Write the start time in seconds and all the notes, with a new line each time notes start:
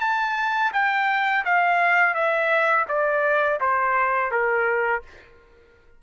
0.00 A5
0.73 G5
1.44 F5
2.14 E5
2.88 D5
3.60 C5
4.31 A#4